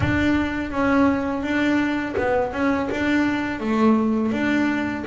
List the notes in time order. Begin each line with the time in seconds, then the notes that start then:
0.00 D4
0.71 C#4
1.42 D4
2.17 B3
2.53 C#4
2.90 D4
3.59 A3
4.32 D4